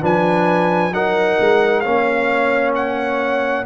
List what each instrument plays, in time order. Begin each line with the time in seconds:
0.00 tuba F3, trombone D4, horn B4, trumpet G#5
0.91 tuba F#3, trombone D#4, horn A#4, trumpet F#5
1.39 tuba G#3
1.80 tuba A#3, trombone C#4, horn C#5, trumpet F5
2.75 trumpet F#5